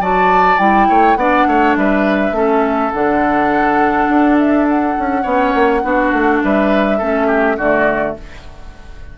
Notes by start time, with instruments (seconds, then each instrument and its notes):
0.00 bassoon F#3, clarinet F#4, oboe D5, flute A5
0.59 bassoon G3, clarinet E4, flute G5
0.89 bassoon A3, oboe C#5
1.16 bassoon B3, clarinet D4, oboe D5, flute F#5
1.47 bassoon A3, oboe C#5
1.76 bassoon G3, oboe B4, flute E5
2.32 bassoon A3, clarinet C#4, oboe A4
2.92 bassoon D3, clarinet D4, flute F#5
4.09 bassoon D4
4.39 flute E5
4.69 flute F#5
4.99 bassoon C#4
5.23 bassoon B3, clarinet C#4, oboe C#5
5.55 bassoon A#3
5.84 bassoon B3, clarinet D4, oboe F#4
6.13 bassoon A3
6.42 bassoon G3, oboe B4, flute E5
6.99 bassoon A3, clarinet C#4, oboe A4
7.27 oboe G4
7.58 bassoon D3, clarinet A3, oboe F#4, flute D5